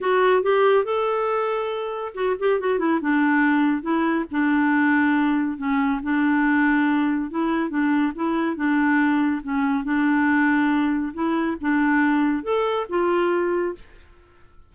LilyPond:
\new Staff \with { instrumentName = "clarinet" } { \time 4/4 \tempo 4 = 140 fis'4 g'4 a'2~ | a'4 fis'8 g'8 fis'8 e'8 d'4~ | d'4 e'4 d'2~ | d'4 cis'4 d'2~ |
d'4 e'4 d'4 e'4 | d'2 cis'4 d'4~ | d'2 e'4 d'4~ | d'4 a'4 f'2 | }